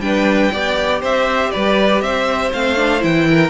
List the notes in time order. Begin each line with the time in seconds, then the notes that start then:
0.00 G3 D4 B4 G5
0.53 B3 G4 D5
1.01 C4 C5 E5
1.52 G3 B4 D5
2.02 C4 C5 E5
2.53 A3 C4 F5
2.77 D4
3.00 E3 E4 G5
3.30 A#4